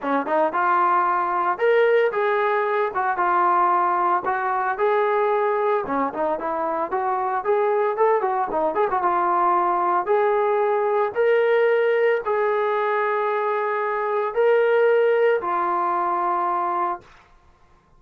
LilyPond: \new Staff \with { instrumentName = "trombone" } { \time 4/4 \tempo 4 = 113 cis'8 dis'8 f'2 ais'4 | gis'4. fis'8 f'2 | fis'4 gis'2 cis'8 dis'8 | e'4 fis'4 gis'4 a'8 fis'8 |
dis'8 gis'16 fis'16 f'2 gis'4~ | gis'4 ais'2 gis'4~ | gis'2. ais'4~ | ais'4 f'2. | }